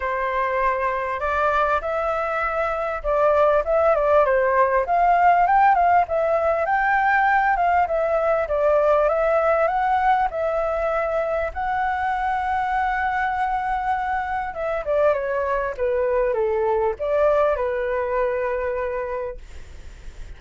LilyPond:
\new Staff \with { instrumentName = "flute" } { \time 4/4 \tempo 4 = 99 c''2 d''4 e''4~ | e''4 d''4 e''8 d''8 c''4 | f''4 g''8 f''8 e''4 g''4~ | g''8 f''8 e''4 d''4 e''4 |
fis''4 e''2 fis''4~ | fis''1 | e''8 d''8 cis''4 b'4 a'4 | d''4 b'2. | }